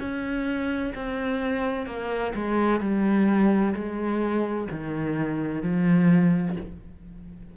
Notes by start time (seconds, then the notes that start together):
0.00 C#4
0.95 C4
1.87 A#3
2.35 G#3
2.81 G3
3.75 G#3
4.72 D#3
5.63 F3